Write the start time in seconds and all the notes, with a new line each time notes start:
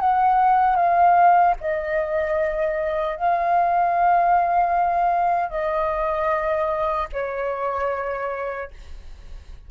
0.00 F#5
0.76 F5
1.61 D#5
3.17 F5
5.50 D#5
7.13 C#5